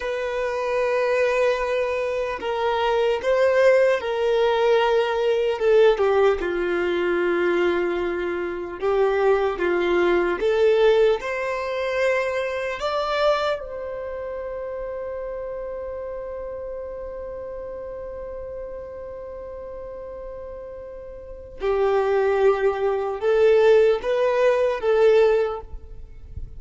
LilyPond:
\new Staff \with { instrumentName = "violin" } { \time 4/4 \tempo 4 = 75 b'2. ais'4 | c''4 ais'2 a'8 g'8 | f'2. g'4 | f'4 a'4 c''2 |
d''4 c''2.~ | c''1~ | c''2. g'4~ | g'4 a'4 b'4 a'4 | }